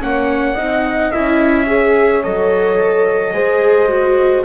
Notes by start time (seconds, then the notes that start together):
0.00 A#3 C#4 C#5 F#5
0.54 C4 D#4 D#5
1.11 C#4 E4 E5
1.66 G#4 C#5
2.23 F#3 A4 D#5
3.33 G#3 G#4 C5
3.88 F#4